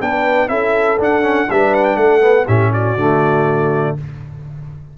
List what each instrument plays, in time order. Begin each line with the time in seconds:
0.00 tuba B3, trombone D4, horn B4, trumpet G5
0.47 tuba C#4, trombone E4, horn A4, trumpet E5
0.98 tuba D4, trombone D4, trumpet F#5
1.21 trombone C#4
1.49 tuba G3, trombone D4, horn B4, trumpet E5
1.73 trumpet F#5
1.84 trumpet G5
1.96 tuba A3, horn A4, trumpet F#5
2.20 trombone B3
2.46 tuba A2, trombone C#4, horn G4, trumpet E5
2.71 horn F#4, trumpet D5
2.96 tuba D3, trombone A3